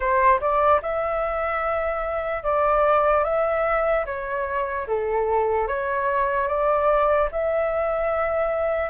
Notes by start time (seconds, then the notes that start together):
0.00 C5
0.40 D5
0.81 E5
2.43 D5
3.24 E5
4.05 C#5
4.87 A4
5.68 C#5
6.47 D5
7.31 E5